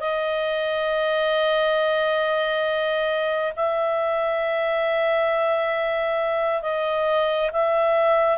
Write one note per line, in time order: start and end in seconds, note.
0.00 3.53 D#5
3.56 6.62 E5
6.62 7.50 D#5
7.52 8.38 E5